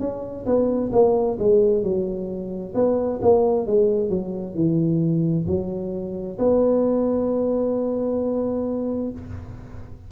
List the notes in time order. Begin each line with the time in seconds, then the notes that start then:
0.00 C#4
0.46 B3
0.93 A#3
1.39 G#3
1.83 F#3
2.75 B3
3.22 A#3
3.67 G#3
4.10 F#3
4.55 E3
5.47 F#3
6.39 B3